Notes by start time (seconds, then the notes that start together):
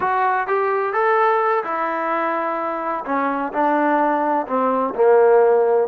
0.00 F#4
0.47 G4
0.93 A4
1.64 E4
3.05 C#4
3.52 D4
4.47 C4
4.95 A#3